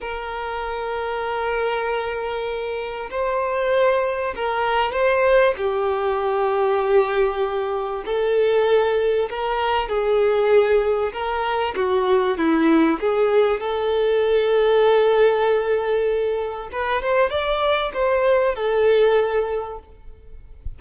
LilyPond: \new Staff \with { instrumentName = "violin" } { \time 4/4 \tempo 4 = 97 ais'1~ | ais'4 c''2 ais'4 | c''4 g'2.~ | g'4 a'2 ais'4 |
gis'2 ais'4 fis'4 | e'4 gis'4 a'2~ | a'2. b'8 c''8 | d''4 c''4 a'2 | }